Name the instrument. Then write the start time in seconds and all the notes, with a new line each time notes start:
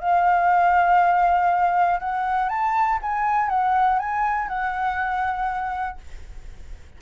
flute
0.00 F5
2.00 F#5
2.49 A5
3.02 G#5
3.49 F#5
3.99 G#5
4.49 F#5